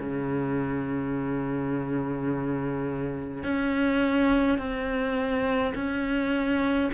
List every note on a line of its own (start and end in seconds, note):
0.00 3.44 C#3
3.44 4.58 C#4
4.58 5.74 C4
5.75 6.91 C#4